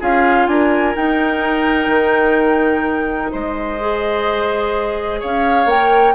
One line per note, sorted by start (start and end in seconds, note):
0.00 0.47 C#4
0.00 0.95 F4
0.00 0.47 G#4
0.00 0.47 F5
0.47 0.94 D4
0.47 3.31 A#4
0.47 0.94 G#5
0.95 3.79 D#4
0.95 1.87 D#4
0.95 3.32 G5
1.87 3.29 D#3
3.31 5.23 G#3
3.31 5.20 C5
3.31 5.21 D#5
3.80 5.67 G#4
5.20 5.66 C#4
5.20 6.14 C#5
5.20 5.69 F5
5.66 6.13 A#3
5.66 6.14 A#4
5.66 6.15 G5